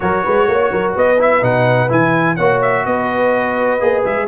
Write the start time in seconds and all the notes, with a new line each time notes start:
0.00 F#3 F#4 A#4 C#5
0.23 G#3 B4
0.47 A#3 C#5
0.72 F#3 A#4
0.95 B3 B4 D#5
1.18 E4 E5
1.41 B2 D#4 F#5
1.88 E3 E4 G#5
2.36 A#3 F#4 C#5 F#5
2.61 E5
2.85 B3 B4 D#5
3.80 A#3 G#4
4.04 G#3 E5